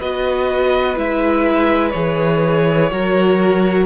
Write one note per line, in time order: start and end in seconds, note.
0.00 0.97 B3
0.00 0.96 F#4
0.00 2.90 B4
0.00 0.98 D#5
0.96 1.94 G#3
0.96 1.92 E4
0.96 1.90 E5
1.90 2.91 E3
1.90 2.90 G#4
1.90 3.83 C#5
2.90 3.86 F#3
2.90 3.86 F#4
2.90 3.86 A#4